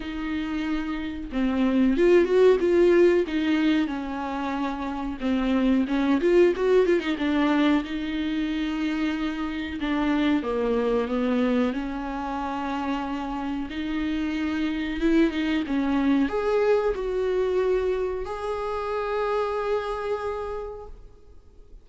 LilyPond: \new Staff \with { instrumentName = "viola" } { \time 4/4 \tempo 4 = 92 dis'2 c'4 f'8 fis'8 | f'4 dis'4 cis'2 | c'4 cis'8 f'8 fis'8 f'16 dis'16 d'4 | dis'2. d'4 |
ais4 b4 cis'2~ | cis'4 dis'2 e'8 dis'8 | cis'4 gis'4 fis'2 | gis'1 | }